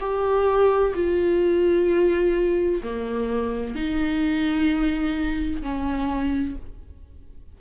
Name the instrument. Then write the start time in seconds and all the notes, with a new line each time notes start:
viola
0.00 G4
0.94 F4
2.83 A#3
3.75 D#4
5.62 C#4